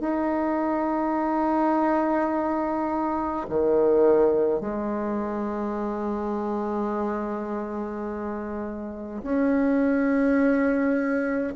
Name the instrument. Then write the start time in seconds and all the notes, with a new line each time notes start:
bassoon
0.00 D#4
3.49 D#3
4.60 G#3
9.23 C#4